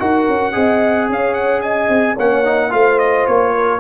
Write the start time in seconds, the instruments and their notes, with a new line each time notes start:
0.00 tuba D#4, trombone F#4, horn A#4, trumpet F#5
0.28 tuba C#4
0.53 tuba C4, trombone G#4, horn D#5
1.10 tuba C#4, horn C#5, trumpet F5
1.34 trumpet F#5
1.62 horn D#5, trumpet G#5
1.89 tuba C4
2.14 tuba A#3, trombone C#4, horn C#5, trumpet F#5
2.45 trombone D#4
2.70 tuba A3, trombone F4, horn C5, trumpet F5
2.99 trumpet D#5
3.27 tuba A#3, trumpet C#5
3.55 horn A#4